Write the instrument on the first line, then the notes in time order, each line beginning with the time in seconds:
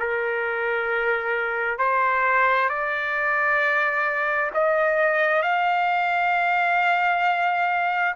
trumpet
0.00 A#4
1.79 C5
2.69 D5
4.55 D#5
5.43 F5